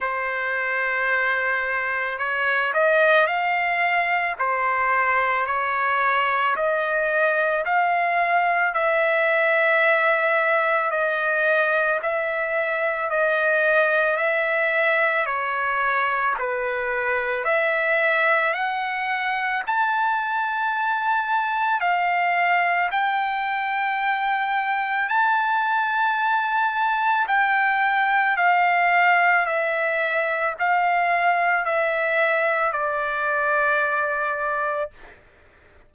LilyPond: \new Staff \with { instrumentName = "trumpet" } { \time 4/4 \tempo 4 = 55 c''2 cis''8 dis''8 f''4 | c''4 cis''4 dis''4 f''4 | e''2 dis''4 e''4 | dis''4 e''4 cis''4 b'4 |
e''4 fis''4 a''2 | f''4 g''2 a''4~ | a''4 g''4 f''4 e''4 | f''4 e''4 d''2 | }